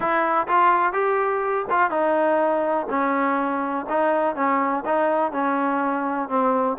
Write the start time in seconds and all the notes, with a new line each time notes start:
0.00 E4
0.47 F4
0.93 G4
1.70 F4
1.90 D#4
2.89 C#4
3.89 D#4
4.35 C#4
4.85 D#4
5.32 C#4
6.29 C4